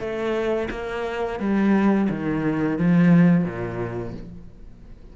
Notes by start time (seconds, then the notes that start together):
0.00 A3
0.71 A#3
1.39 G3
2.10 D#3
2.78 F3
3.45 A#2